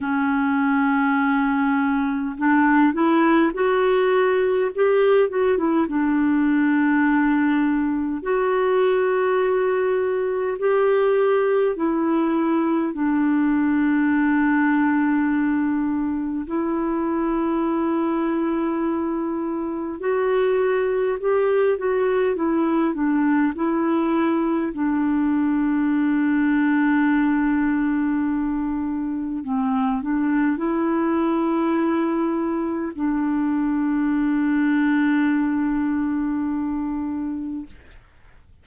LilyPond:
\new Staff \with { instrumentName = "clarinet" } { \time 4/4 \tempo 4 = 51 cis'2 d'8 e'8 fis'4 | g'8 fis'16 e'16 d'2 fis'4~ | fis'4 g'4 e'4 d'4~ | d'2 e'2~ |
e'4 fis'4 g'8 fis'8 e'8 d'8 | e'4 d'2.~ | d'4 c'8 d'8 e'2 | d'1 | }